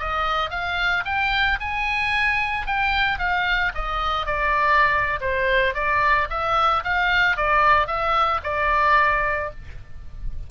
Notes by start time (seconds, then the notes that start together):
0.00 D#5
0.51 F5
1.05 G5
1.61 G#5
2.67 G5
3.19 F5
3.75 D#5
4.27 D5
5.21 C5
5.75 D5
6.30 E5
6.84 F5
7.37 D5
7.87 E5
8.44 D5